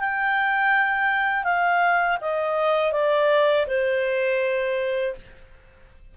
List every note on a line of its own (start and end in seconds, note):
0.00 1.44 G5
1.44 2.18 F5
2.21 2.92 D#5
2.92 3.66 D5
3.67 5.15 C5